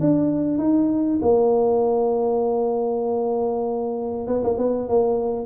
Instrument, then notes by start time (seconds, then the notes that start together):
tuba
0.00 D4
0.58 D#4
1.21 A#3
4.27 B3
4.44 A#3
4.58 B3
4.88 A#3